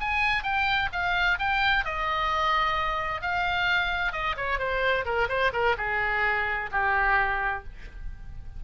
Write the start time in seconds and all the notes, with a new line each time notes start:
0.00 G#5
0.43 G5
0.92 F5
1.39 G5
1.85 D#5
3.22 F5
4.12 D#5
4.37 C#5
4.59 C5
5.05 A#4
5.29 C5
5.53 A#4
5.78 G#4
6.72 G4